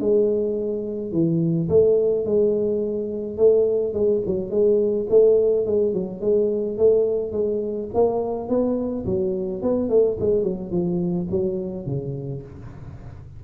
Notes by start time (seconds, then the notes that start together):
0.00 G#3
1.12 E3
1.69 A3
2.25 G#3
3.37 A3
3.93 G#3
4.26 F#3
4.50 G#3
5.10 A3
5.66 G#3
5.94 F#3
6.21 G#3
6.78 A3
7.32 G#3
7.94 A#3
8.49 B3
9.06 F#3
9.62 B3
9.89 A3
10.20 G#3
10.43 F#3
10.71 F3
11.31 F#3
11.86 C#3